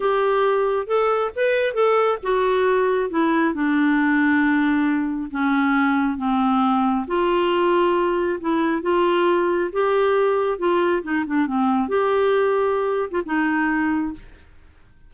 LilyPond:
\new Staff \with { instrumentName = "clarinet" } { \time 4/4 \tempo 4 = 136 g'2 a'4 b'4 | a'4 fis'2 e'4 | d'1 | cis'2 c'2 |
f'2. e'4 | f'2 g'2 | f'4 dis'8 d'8 c'4 g'4~ | g'4.~ g'16 f'16 dis'2 | }